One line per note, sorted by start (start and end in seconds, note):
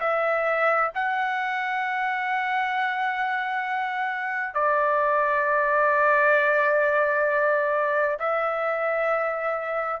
0.00 0.91 E5
0.94 4.54 F#5
4.54 8.17 D5
8.19 10.00 E5